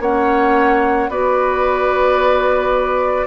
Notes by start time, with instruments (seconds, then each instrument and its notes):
0.00 bassoon A#3, clarinet C#4, oboe C#5, flute F#5
1.09 bassoon B3, clarinet F#4, oboe B4, flute D5